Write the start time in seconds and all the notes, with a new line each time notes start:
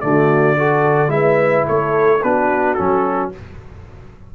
0.00 D3 A3 D5
0.06 F#4
0.57 F#4 A4
1.08 G#3 E4 B4 E5
1.66 A3 A4 C#5
2.23 B3 D4 F#4 B4
2.74 F#3 C#4 A4